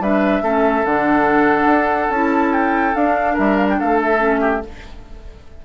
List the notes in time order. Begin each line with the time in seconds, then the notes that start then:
0.00 G3 D4 B4 E5
0.42 A3 C#4 A4
0.85 D3 D4 F#5
1.66 D4
2.10 C#4 E4 A5
2.53 G5
2.95 D4 F5
3.34 G3 A#4 E5
3.56 F5
3.69 G5
3.79 A3 A4 F5
4.02 E5
4.18 C#4
4.41 G4